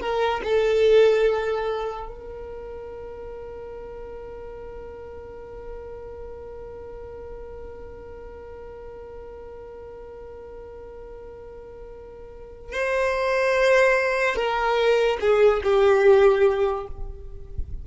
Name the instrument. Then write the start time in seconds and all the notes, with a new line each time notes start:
violin
0.00 A#4
0.43 A4
2.07 A#4
12.72 C5
14.35 A#4
15.20 G#4
15.63 G4